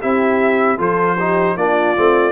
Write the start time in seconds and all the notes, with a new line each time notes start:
0.00 C4 E4 G4 E5
0.77 F3 F4 A4 C5
1.17 D#4 G4
1.56 A#3 D4 F4 D5
1.96 A3 C4